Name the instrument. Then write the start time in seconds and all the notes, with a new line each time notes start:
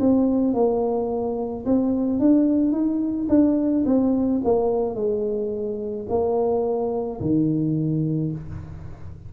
tuba
0.00 C4
0.54 A#3
1.66 C4
2.20 D4
2.72 D#4
3.29 D4
3.86 C4
4.44 A#3
4.95 G#3
6.09 A#3
7.21 D#3